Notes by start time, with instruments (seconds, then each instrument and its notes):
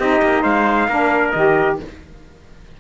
0.00 cello C4, saxophone D#4, trumpet G4 D#5
0.23 cello A#3
0.43 cello G#3, trumpet C5 F5
0.88 cello A#3, saxophone D4, trumpet A#4
1.32 cello D#3, saxophone G4, trumpet D#5